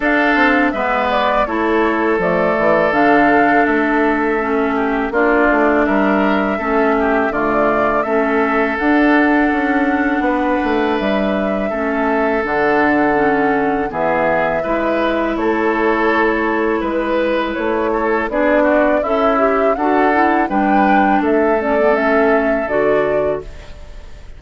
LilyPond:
<<
  \new Staff \with { instrumentName = "flute" } { \time 4/4 \tempo 4 = 82 f''4 e''8 d''8 cis''4 d''4 | f''4 e''2 d''4 | e''2 d''4 e''4 | fis''2. e''4~ |
e''4 fis''2 e''4~ | e''4 cis''2 b'4 | cis''4 d''4 e''4 fis''4 | g''4 e''8 d''8 e''4 d''4 | }
  \new Staff \with { instrumentName = "oboe" } { \time 4/4 a'4 b'4 a'2~ | a'2~ a'8 g'8 f'4 | ais'4 a'8 g'8 f'4 a'4~ | a'2 b'2 |
a'2. gis'4 | b'4 a'2 b'4~ | b'8 a'8 gis'8 fis'8 e'4 a'4 | b'4 a'2. | }
  \new Staff \with { instrumentName = "clarinet" } { \time 4/4 d'4 b4 e'4 a4 | d'2 cis'4 d'4~ | d'4 cis'4 a4 cis'4 | d'1 |
cis'4 d'4 cis'4 b4 | e'1~ | e'4 d'4 a'8 g'8 fis'8 e'8 | d'4. cis'16 b16 cis'4 fis'4 | }
  \new Staff \with { instrumentName = "bassoon" } { \time 4/4 d'8 c'8 gis4 a4 f8 e8 | d4 a2 ais8 a8 | g4 a4 d4 a4 | d'4 cis'4 b8 a8 g4 |
a4 d2 e4 | gis4 a2 gis4 | a4 b4 cis'4 d'4 | g4 a2 d4 | }
>>